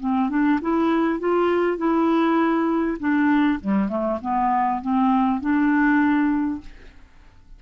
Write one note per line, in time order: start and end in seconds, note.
0.00 0.30 C4
0.30 0.60 D4
0.62 1.20 E4
1.20 1.78 F4
1.78 2.98 E4
3.00 3.60 D4
3.61 3.89 G3
3.89 4.19 A3
4.22 4.82 B3
4.82 5.41 C4
5.41 6.61 D4